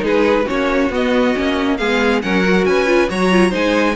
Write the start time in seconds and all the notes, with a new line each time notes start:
0.00 G#3 D#4 G#4 B4
0.45 C#4 F#4 C#5
0.51 A#3
0.89 B3 D#5
1.35 A#3 C#4
1.77 G#3 B3 G#4 F5
2.22 F#3 C#4 A#4 F#5
2.44 F#4
2.65 C#4 B4 G#5
2.86 F4
3.09 F#3 F#4 C#5 A#5
3.31 F4
3.50 G#3 D#4 C5 G#5